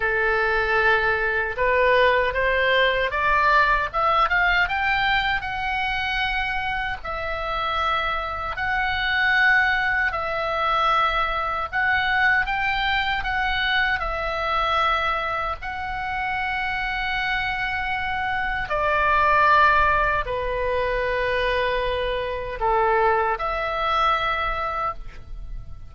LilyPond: \new Staff \with { instrumentName = "oboe" } { \time 4/4 \tempo 4 = 77 a'2 b'4 c''4 | d''4 e''8 f''8 g''4 fis''4~ | fis''4 e''2 fis''4~ | fis''4 e''2 fis''4 |
g''4 fis''4 e''2 | fis''1 | d''2 b'2~ | b'4 a'4 e''2 | }